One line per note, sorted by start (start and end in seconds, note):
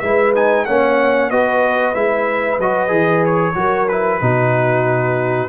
0.00 0.66 G#3
0.00 0.35 E4
0.00 0.66 B4
0.00 0.32 E5
0.35 0.67 D#4
0.35 0.66 G#5
0.66 1.31 A#3
0.66 1.31 C#4
0.66 1.30 C#5
0.66 1.30 F#5
1.30 1.95 B3
1.30 1.95 F#4
1.30 3.56 B4
1.30 1.95 D#5
1.95 2.58 G#3
1.95 2.59 E4
1.95 2.59 E5
2.58 2.90 F#3
2.58 2.88 F#4
2.58 3.25 D#5
2.88 3.55 E3
2.88 3.53 G#4
3.25 3.88 C#5
3.55 4.20 F#3
3.55 3.87 F#4
3.55 4.21 A#4
3.88 4.21 E4
3.88 5.49 B4
4.21 5.49 B2
4.21 5.49 D#4
4.21 5.49 F#4